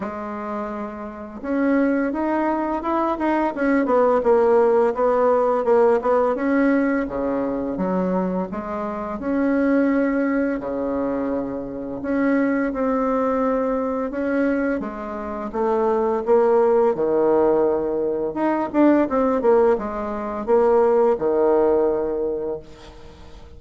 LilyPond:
\new Staff \with { instrumentName = "bassoon" } { \time 4/4 \tempo 4 = 85 gis2 cis'4 dis'4 | e'8 dis'8 cis'8 b8 ais4 b4 | ais8 b8 cis'4 cis4 fis4 | gis4 cis'2 cis4~ |
cis4 cis'4 c'2 | cis'4 gis4 a4 ais4 | dis2 dis'8 d'8 c'8 ais8 | gis4 ais4 dis2 | }